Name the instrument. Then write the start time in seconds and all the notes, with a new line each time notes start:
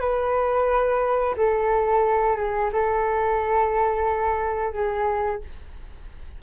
flute
0.00 B4
1.37 A4
2.37 G#4
2.72 A4
4.73 G#4